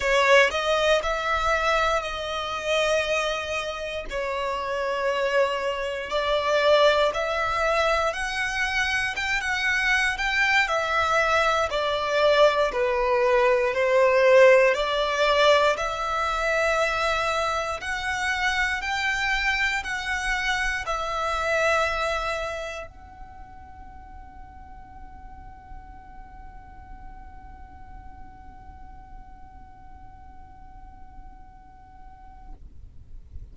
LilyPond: \new Staff \with { instrumentName = "violin" } { \time 4/4 \tempo 4 = 59 cis''8 dis''8 e''4 dis''2 | cis''2 d''4 e''4 | fis''4 g''16 fis''8. g''8 e''4 d''8~ | d''8 b'4 c''4 d''4 e''8~ |
e''4. fis''4 g''4 fis''8~ | fis''8 e''2 fis''4.~ | fis''1~ | fis''1 | }